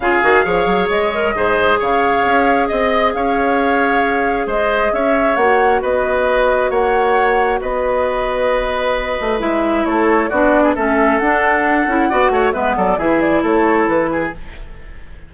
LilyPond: <<
  \new Staff \with { instrumentName = "flute" } { \time 4/4 \tempo 4 = 134 f''2 dis''2 | f''2 dis''4 f''4~ | f''2 dis''4 e''4 | fis''4 dis''2 fis''4~ |
fis''4 dis''2.~ | dis''4 e''4 cis''4 d''4 | e''4 fis''2. | e''8 d''8 e''8 d''8 cis''4 b'4 | }
  \new Staff \with { instrumentName = "oboe" } { \time 4/4 gis'4 cis''2 c''4 | cis''2 dis''4 cis''4~ | cis''2 c''4 cis''4~ | cis''4 b'2 cis''4~ |
cis''4 b'2.~ | b'2 a'4 fis'8. gis'16 | a'2. d''8 cis''8 | b'8 a'8 gis'4 a'4. gis'8 | }
  \new Staff \with { instrumentName = "clarinet" } { \time 4/4 f'8 fis'8 gis'4. ais'8 gis'4~ | gis'1~ | gis'1 | fis'1~ |
fis'1~ | fis'4 e'2 d'4 | cis'4 d'4. e'8 fis'4 | b4 e'2. | }
  \new Staff \with { instrumentName = "bassoon" } { \time 4/4 cis8 dis8 f8 fis8 gis4 gis,4 | cis4 cis'4 c'4 cis'4~ | cis'2 gis4 cis'4 | ais4 b2 ais4~ |
ais4 b2.~ | b8 a8 gis4 a4 b4 | a4 d'4. cis'8 b8 a8 | gis8 fis8 e4 a4 e4 | }
>>